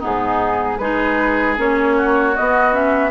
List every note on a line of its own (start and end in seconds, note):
0.00 0.80 G#2
0.00 0.78 B3
0.00 0.78 D#4
0.00 0.78 G#4
0.78 1.58 G#3
0.78 1.58 D#4
0.78 1.97 G#4
0.78 1.56 B4
1.58 2.36 A#3
1.58 2.36 C#4
1.58 2.37 C#5
1.97 3.11 F#4
2.36 2.72 B3
2.36 3.11 B3
2.36 2.74 D#5
2.72 3.11 C#4
2.72 3.11 E5